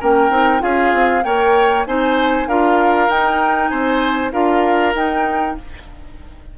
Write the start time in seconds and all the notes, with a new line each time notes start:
0.00 A#3 C#4 A#4 G5
0.30 C4 D#4
0.59 C#4 F4 G#4 F5
0.93 C4
1.23 A#3 A#4 C#5 G5
1.86 C4 D#4 C5 G#5
2.47 D4 F4 A#4 F5
3.08 D#4 G5
3.68 C4 C5 G#5
4.31 D4 F4 A#4 F5
4.94 D#4 G5